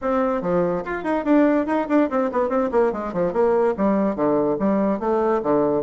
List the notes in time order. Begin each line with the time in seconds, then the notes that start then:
0.01 C4
0.41 F3
0.84 F4
1.03 D#4
1.24 D4
1.66 D#4
1.88 D4
2.10 C4
2.32 B3
2.49 C4
2.71 A#3
2.92 G#3
3.13 F3
3.32 A#3
3.77 G3
4.15 D3
4.59 G3
4.99 A3
5.42 D3